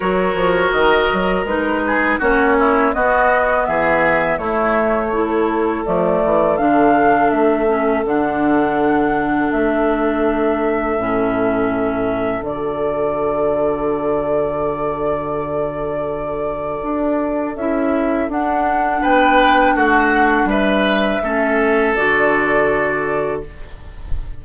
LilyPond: <<
  \new Staff \with { instrumentName = "flute" } { \time 4/4 \tempo 4 = 82 cis''4 dis''4 b'4 cis''4 | dis''4 e''4 cis''2 | d''4 f''4 e''4 fis''4~ | fis''4 e''2.~ |
e''4 d''2.~ | d''1 | e''4 fis''4 g''4 fis''4 | e''2 d''2 | }
  \new Staff \with { instrumentName = "oboe" } { \time 4/4 ais'2~ ais'8 gis'8 fis'8 e'8 | fis'4 gis'4 e'4 a'4~ | a'1~ | a'1~ |
a'1~ | a'1~ | a'2 b'4 fis'4 | b'4 a'2. | }
  \new Staff \with { instrumentName = "clarinet" } { \time 4/4 fis'2 dis'4 cis'4 | b2 a4 e'4 | a4 d'4. cis'8 d'4~ | d'2. cis'4~ |
cis'4 fis'2.~ | fis'1 | e'4 d'2.~ | d'4 cis'4 fis'2 | }
  \new Staff \with { instrumentName = "bassoon" } { \time 4/4 fis8 f8 dis8 fis8 gis4 ais4 | b4 e4 a2 | f8 e8 d4 a4 d4~ | d4 a2 a,4~ |
a,4 d2.~ | d2. d'4 | cis'4 d'4 b4 a4 | g4 a4 d2 | }
>>